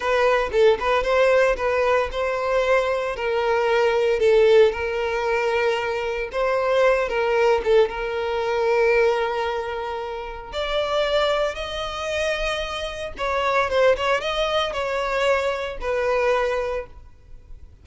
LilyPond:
\new Staff \with { instrumentName = "violin" } { \time 4/4 \tempo 4 = 114 b'4 a'8 b'8 c''4 b'4 | c''2 ais'2 | a'4 ais'2. | c''4. ais'4 a'8 ais'4~ |
ais'1 | d''2 dis''2~ | dis''4 cis''4 c''8 cis''8 dis''4 | cis''2 b'2 | }